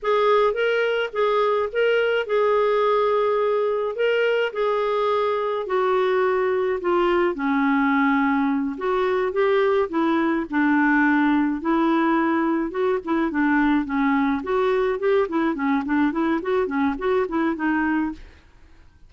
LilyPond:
\new Staff \with { instrumentName = "clarinet" } { \time 4/4 \tempo 4 = 106 gis'4 ais'4 gis'4 ais'4 | gis'2. ais'4 | gis'2 fis'2 | f'4 cis'2~ cis'8 fis'8~ |
fis'8 g'4 e'4 d'4.~ | d'8 e'2 fis'8 e'8 d'8~ | d'8 cis'4 fis'4 g'8 e'8 cis'8 | d'8 e'8 fis'8 cis'8 fis'8 e'8 dis'4 | }